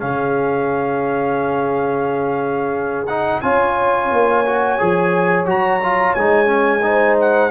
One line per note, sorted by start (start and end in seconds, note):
0.00 3.43 C#3
0.00 3.07 C#4
0.00 3.44 G#4
0.00 3.07 F5
3.07 3.43 D#4
3.07 3.41 F#5
3.41 4.11 C#4
3.41 4.45 F4
3.41 6.85 C#5
3.41 5.46 G#5
4.11 4.79 A#3
4.46 4.79 F#4
4.79 5.45 F3
4.79 5.46 G#4
5.45 6.13 F#3
5.45 5.80 F#4
5.45 6.14 A#5
5.83 6.17 F4
6.14 7.51 G#3
6.14 6.46 D#4
6.14 7.17 G#5
6.46 6.80 C#4
6.83 7.51 D#4
6.83 7.51 C5
7.21 7.51 F#5